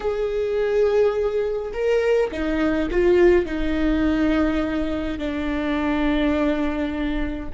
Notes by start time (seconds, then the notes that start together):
0.00 G#4
1.73 A#4
2.31 D#4
2.90 F4
3.45 D#4
5.18 D4